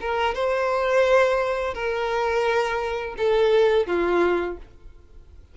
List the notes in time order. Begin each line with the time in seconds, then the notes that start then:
0.00 A#4
0.34 C5
1.74 A#4
3.17 A4
3.86 F4